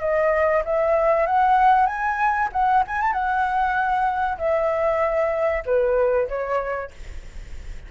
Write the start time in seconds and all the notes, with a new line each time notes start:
0.00 D#5
0.64 E5
1.26 F#5
1.86 G#5
2.52 F#5
2.87 G#5
3.01 A5
3.13 F#5
4.38 E5
5.65 B4
6.28 C#5